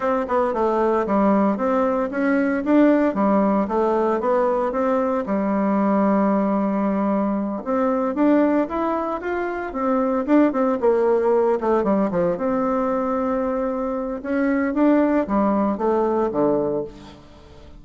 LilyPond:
\new Staff \with { instrumentName = "bassoon" } { \time 4/4 \tempo 4 = 114 c'8 b8 a4 g4 c'4 | cis'4 d'4 g4 a4 | b4 c'4 g2~ | g2~ g8 c'4 d'8~ |
d'8 e'4 f'4 c'4 d'8 | c'8 ais4. a8 g8 f8 c'8~ | c'2. cis'4 | d'4 g4 a4 d4 | }